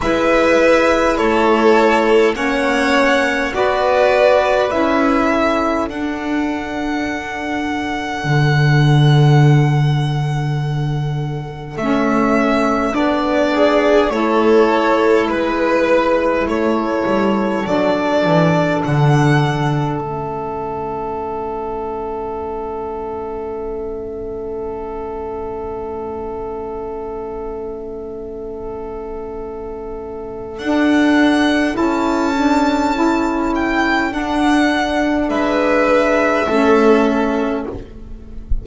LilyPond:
<<
  \new Staff \with { instrumentName = "violin" } { \time 4/4 \tempo 4 = 51 e''4 cis''4 fis''4 d''4 | e''4 fis''2.~ | fis''2 e''4 d''4 | cis''4 b'4 cis''4 d''4 |
fis''4 e''2.~ | e''1~ | e''2 fis''4 a''4~ | a''8 g''8 fis''4 e''2 | }
  \new Staff \with { instrumentName = "violin" } { \time 4/4 b'4 a'4 cis''4 b'4~ | b'8 a'2.~ a'8~ | a'2.~ a'8 gis'8 | a'4 b'4 a'2~ |
a'1~ | a'1~ | a'1~ | a'2 b'4 a'4 | }
  \new Staff \with { instrumentName = "saxophone" } { \time 4/4 e'2 cis'4 fis'4 | e'4 d'2.~ | d'2 cis'4 d'4 | e'2. d'4~ |
d'4 cis'2.~ | cis'1~ | cis'2 d'4 e'8 d'8 | e'4 d'2 cis'4 | }
  \new Staff \with { instrumentName = "double bass" } { \time 4/4 gis4 a4 ais4 b4 | cis'4 d'2 d4~ | d2 a4 b4 | a4 gis4 a8 g8 fis8 e8 |
d4 a2.~ | a1~ | a2 d'4 cis'4~ | cis'4 d'4 gis4 a4 | }
>>